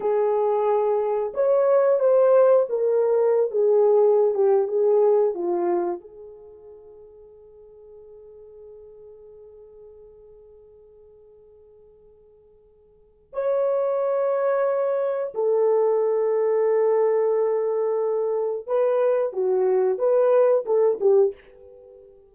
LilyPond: \new Staff \with { instrumentName = "horn" } { \time 4/4 \tempo 4 = 90 gis'2 cis''4 c''4 | ais'4~ ais'16 gis'4~ gis'16 g'8 gis'4 | f'4 gis'2.~ | gis'1~ |
gis'1 | cis''2. a'4~ | a'1 | b'4 fis'4 b'4 a'8 g'8 | }